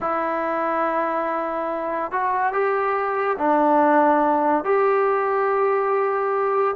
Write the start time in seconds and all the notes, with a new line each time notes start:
0.00 E4
2.11 F#4
2.52 G4
3.37 D4
4.64 G4